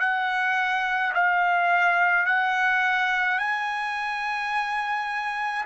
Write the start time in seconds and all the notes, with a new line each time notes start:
0.00 F#5
1.14 F5
2.26 F#5
3.39 G#5